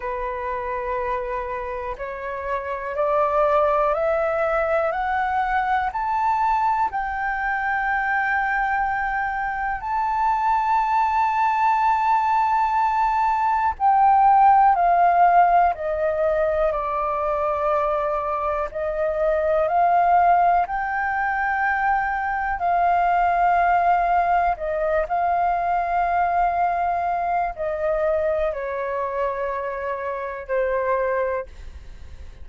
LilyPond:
\new Staff \with { instrumentName = "flute" } { \time 4/4 \tempo 4 = 61 b'2 cis''4 d''4 | e''4 fis''4 a''4 g''4~ | g''2 a''2~ | a''2 g''4 f''4 |
dis''4 d''2 dis''4 | f''4 g''2 f''4~ | f''4 dis''8 f''2~ f''8 | dis''4 cis''2 c''4 | }